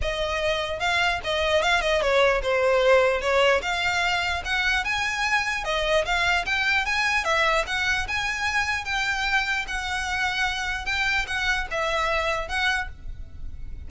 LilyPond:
\new Staff \with { instrumentName = "violin" } { \time 4/4 \tempo 4 = 149 dis''2 f''4 dis''4 | f''8 dis''8 cis''4 c''2 | cis''4 f''2 fis''4 | gis''2 dis''4 f''4 |
g''4 gis''4 e''4 fis''4 | gis''2 g''2 | fis''2. g''4 | fis''4 e''2 fis''4 | }